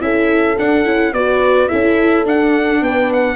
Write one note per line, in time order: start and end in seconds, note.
0.00 0.58 C#4
0.00 0.56 E4
0.00 1.14 A4
0.00 0.57 E5
0.59 0.85 D4
0.59 0.86 D4
0.59 1.13 F#5
0.85 1.13 C#4
0.85 1.13 E4
1.13 1.69 B3
1.13 1.69 F#4
1.13 1.70 B4
1.13 1.68 D5
1.68 2.26 C#4
1.68 2.25 E4
1.68 2.82 A4
1.68 2.25 E5
2.26 2.81 D4
2.26 3.36 D4
2.26 2.84 F#5
2.81 3.36 B3
2.81 3.36 B4
2.81 3.12 G5
3.13 3.36 F#5